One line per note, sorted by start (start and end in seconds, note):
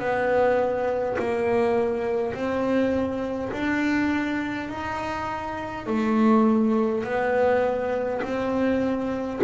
0.00 1.18 B3
1.19 2.35 A#3
2.35 3.52 C4
3.52 4.70 D4
4.70 5.87 D#4
5.87 7.04 A3
7.04 8.22 B3
8.23 9.41 C4